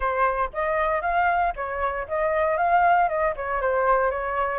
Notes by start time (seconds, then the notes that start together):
0.00 C5
0.53 D#5
1.01 F5
1.55 C#5
2.07 D#5
2.57 F5
3.09 D#5
3.36 C#5
3.61 C5
4.10 C#5